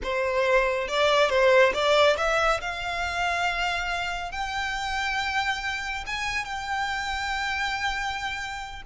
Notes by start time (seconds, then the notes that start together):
0.03 C5
0.88 D5
1.29 C5
1.73 D5
2.17 E5
2.60 F5
4.31 G5
6.06 G#5
6.44 G5